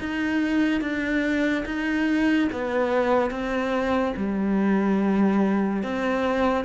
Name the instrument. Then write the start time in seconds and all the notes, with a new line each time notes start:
cello
0.00 D#4
0.81 D4
1.66 D#4
2.53 B3
3.31 C4
4.17 G3
5.83 C4